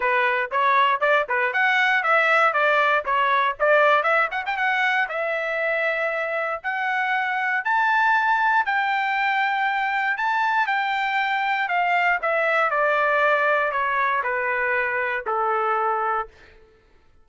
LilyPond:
\new Staff \with { instrumentName = "trumpet" } { \time 4/4 \tempo 4 = 118 b'4 cis''4 d''8 b'8 fis''4 | e''4 d''4 cis''4 d''4 | e''8 fis''16 g''16 fis''4 e''2~ | e''4 fis''2 a''4~ |
a''4 g''2. | a''4 g''2 f''4 | e''4 d''2 cis''4 | b'2 a'2 | }